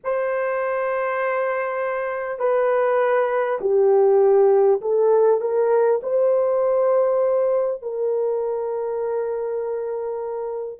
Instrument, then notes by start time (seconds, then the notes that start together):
horn
0.04 C5
2.38 B4
3.61 G4
4.81 A4
5.40 A#4
6.02 C5
7.82 A#4